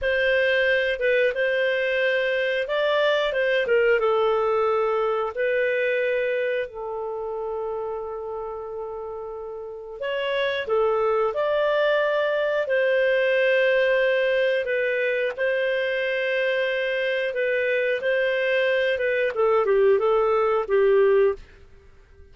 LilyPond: \new Staff \with { instrumentName = "clarinet" } { \time 4/4 \tempo 4 = 90 c''4. b'8 c''2 | d''4 c''8 ais'8 a'2 | b'2 a'2~ | a'2. cis''4 |
a'4 d''2 c''4~ | c''2 b'4 c''4~ | c''2 b'4 c''4~ | c''8 b'8 a'8 g'8 a'4 g'4 | }